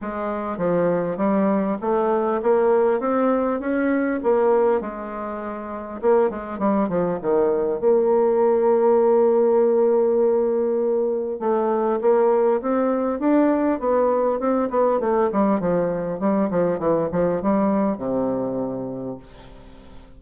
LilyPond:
\new Staff \with { instrumentName = "bassoon" } { \time 4/4 \tempo 4 = 100 gis4 f4 g4 a4 | ais4 c'4 cis'4 ais4 | gis2 ais8 gis8 g8 f8 | dis4 ais2.~ |
ais2. a4 | ais4 c'4 d'4 b4 | c'8 b8 a8 g8 f4 g8 f8 | e8 f8 g4 c2 | }